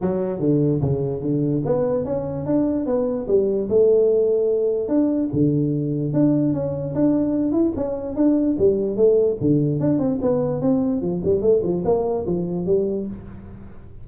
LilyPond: \new Staff \with { instrumentName = "tuba" } { \time 4/4 \tempo 4 = 147 fis4 d4 cis4 d4 | b4 cis'4 d'4 b4 | g4 a2. | d'4 d2 d'4 |
cis'4 d'4. e'8 cis'4 | d'4 g4 a4 d4 | d'8 c'8 b4 c'4 f8 g8 | a8 f8 ais4 f4 g4 | }